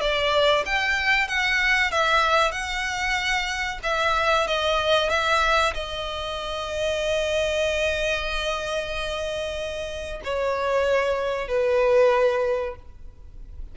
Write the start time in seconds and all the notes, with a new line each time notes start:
0.00 D5
0.65 G5
1.28 F#5
1.91 E5
2.51 F#5
3.83 E5
4.47 D#5
5.09 E5
5.74 D#5
10.24 C#5
11.48 B4